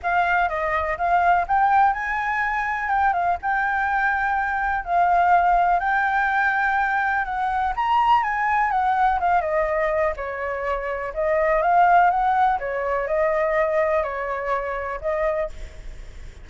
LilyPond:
\new Staff \with { instrumentName = "flute" } { \time 4/4 \tempo 4 = 124 f''4 dis''4 f''4 g''4 | gis''2 g''8 f''8 g''4~ | g''2 f''2 | g''2. fis''4 |
ais''4 gis''4 fis''4 f''8 dis''8~ | dis''4 cis''2 dis''4 | f''4 fis''4 cis''4 dis''4~ | dis''4 cis''2 dis''4 | }